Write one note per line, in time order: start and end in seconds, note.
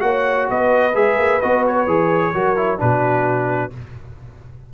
0.00 0.48 A#3
0.00 0.92 F#4
0.00 0.49 C#5
0.00 0.47 F#5
0.49 0.95 B3
0.49 2.33 B4
0.49 0.96 D#5
0.95 1.18 G#3
0.95 1.41 G#4
0.95 1.41 E5
1.18 1.41 A#3
1.41 1.87 B3
1.41 1.87 F#4
1.41 1.64 D#5
1.67 2.80 C#5
1.87 2.33 E3
1.87 2.34 G#4
2.34 2.81 F#3
2.34 2.56 F#4
2.34 2.80 A#4
2.56 2.78 E4
2.78 3.73 B2
2.78 3.70 D4
2.78 3.74 F#4
2.78 3.72 B4